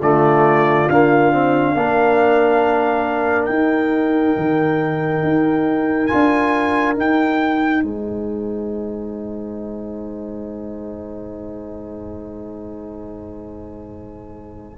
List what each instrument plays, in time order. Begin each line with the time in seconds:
0.00 tuba D3, trombone A3, horn F4, trumpet D5
0.89 trombone A#3, tuba D4, trumpet F5
1.32 trombone C4
1.75 tuba A#3, trombone D4, horn A#4
3.46 tuba D#4, trombone D#4, trumpet G5
4.36 tuba D#3
5.23 tuba D#4
6.07 trombone F4, trumpet G#5
6.13 tuba D4
6.95 trombone D#4, tuba D#4, trumpet G5
7.83 tuba G#3, horn C5, trumpet G#5